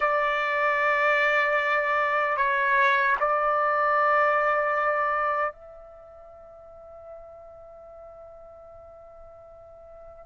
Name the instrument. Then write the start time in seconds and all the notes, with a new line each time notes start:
trumpet
0.00 D5
2.36 C#5
3.19 D5
5.52 E5